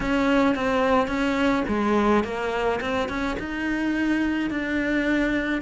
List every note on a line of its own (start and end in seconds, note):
0.00 0.55 C#4
0.55 1.07 C4
1.07 1.63 C#4
1.68 2.24 G#3
2.24 2.80 A#3
2.80 3.08 C4
3.08 3.36 C#4
3.39 4.50 D#4
4.50 5.61 D4